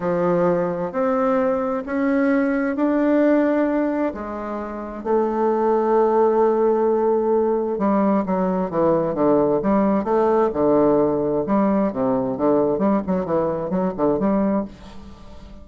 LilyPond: \new Staff \with { instrumentName = "bassoon" } { \time 4/4 \tempo 4 = 131 f2 c'2 | cis'2 d'2~ | d'4 gis2 a4~ | a1~ |
a4 g4 fis4 e4 | d4 g4 a4 d4~ | d4 g4 c4 d4 | g8 fis8 e4 fis8 d8 g4 | }